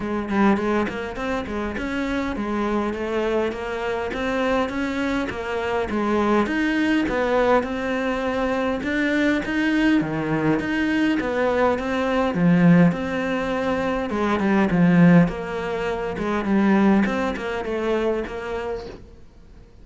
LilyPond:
\new Staff \with { instrumentName = "cello" } { \time 4/4 \tempo 4 = 102 gis8 g8 gis8 ais8 c'8 gis8 cis'4 | gis4 a4 ais4 c'4 | cis'4 ais4 gis4 dis'4 | b4 c'2 d'4 |
dis'4 dis4 dis'4 b4 | c'4 f4 c'2 | gis8 g8 f4 ais4. gis8 | g4 c'8 ais8 a4 ais4 | }